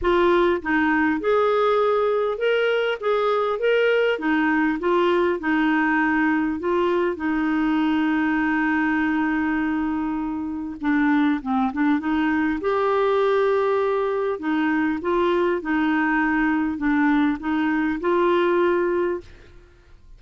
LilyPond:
\new Staff \with { instrumentName = "clarinet" } { \time 4/4 \tempo 4 = 100 f'4 dis'4 gis'2 | ais'4 gis'4 ais'4 dis'4 | f'4 dis'2 f'4 | dis'1~ |
dis'2 d'4 c'8 d'8 | dis'4 g'2. | dis'4 f'4 dis'2 | d'4 dis'4 f'2 | }